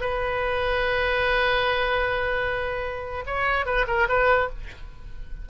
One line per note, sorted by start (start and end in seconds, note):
0.00 3.24 B4
3.26 3.65 C#5
3.65 3.86 B4
3.87 4.07 A#4
4.08 4.49 B4